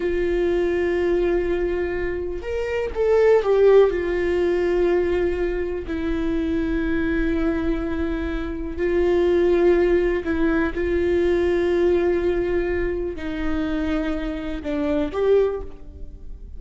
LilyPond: \new Staff \with { instrumentName = "viola" } { \time 4/4 \tempo 4 = 123 f'1~ | f'4 ais'4 a'4 g'4 | f'1 | e'1~ |
e'2 f'2~ | f'4 e'4 f'2~ | f'2. dis'4~ | dis'2 d'4 g'4 | }